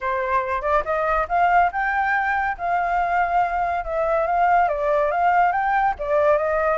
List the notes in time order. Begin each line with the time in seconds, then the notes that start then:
0.00 C5
0.61 D5
0.84 D#5
1.28 F5
1.72 G5
2.57 F5
3.84 E5
4.26 F5
4.68 D5
5.11 F5
5.51 G5
5.98 D5
6.37 D#5